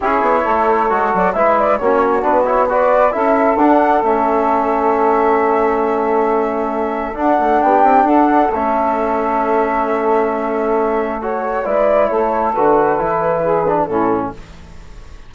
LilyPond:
<<
  \new Staff \with { instrumentName = "flute" } { \time 4/4 \tempo 4 = 134 cis''2~ cis''8 d''8 e''8 d''8 | cis''4 b'8 cis''8 d''4 e''4 | fis''4 e''2.~ | e''1 |
fis''4 g''4 fis''4 e''4~ | e''1~ | e''4 cis''4 d''4 cis''4 | b'2. a'4 | }
  \new Staff \with { instrumentName = "saxophone" } { \time 4/4 gis'4 a'2 b'4 | fis'2 b'4 a'4~ | a'1~ | a'1~ |
a'4 g'4 a'2~ | a'1~ | a'2 b'4 a'4~ | a'2 gis'4 e'4 | }
  \new Staff \with { instrumentName = "trombone" } { \time 4/4 e'2 fis'4 e'4 | cis'4 d'8 e'8 fis'4 e'4 | d'4 cis'2.~ | cis'1 |
d'2. cis'4~ | cis'1~ | cis'4 fis'4 e'2 | fis'4 e'4. d'8 cis'4 | }
  \new Staff \with { instrumentName = "bassoon" } { \time 4/4 cis'8 b8 a4 gis8 fis8 gis4 | ais4 b2 cis'4 | d'4 a2.~ | a1 |
d'8 a8 b8 c'8 d'4 a4~ | a1~ | a2 gis4 a4 | d4 e2 a,4 | }
>>